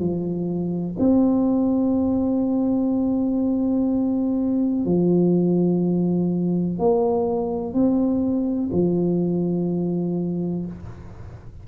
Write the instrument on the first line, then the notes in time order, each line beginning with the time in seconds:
tuba
0.00 F3
0.99 C4
4.86 F3
6.79 A#3
7.74 C4
8.73 F3